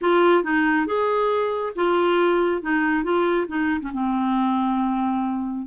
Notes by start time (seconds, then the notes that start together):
0.01 F4
0.43 D#4
0.86 G#4
1.75 F4
2.62 D#4
3.03 F4
3.47 D#4
3.80 C#4
3.93 C4